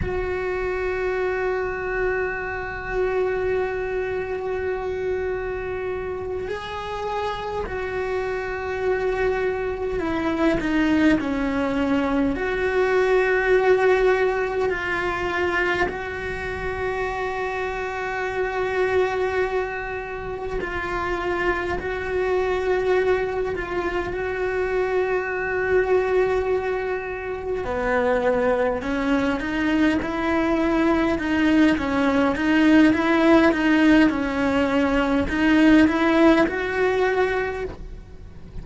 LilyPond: \new Staff \with { instrumentName = "cello" } { \time 4/4 \tempo 4 = 51 fis'1~ | fis'4. gis'4 fis'4.~ | fis'8 e'8 dis'8 cis'4 fis'4.~ | fis'8 f'4 fis'2~ fis'8~ |
fis'4. f'4 fis'4. | f'8 fis'2. b8~ | b8 cis'8 dis'8 e'4 dis'8 cis'8 dis'8 | e'8 dis'8 cis'4 dis'8 e'8 fis'4 | }